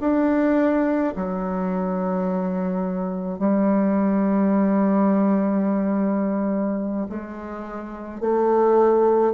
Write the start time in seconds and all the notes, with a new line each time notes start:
0.00 D4
1.16 F#3
3.39 G3
7.09 G#3
8.20 A3